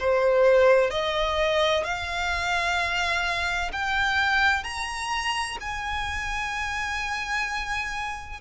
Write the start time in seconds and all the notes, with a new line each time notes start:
0.00 C5
0.91 D#5
1.84 F5
3.73 G5
4.64 A#5
5.60 G#5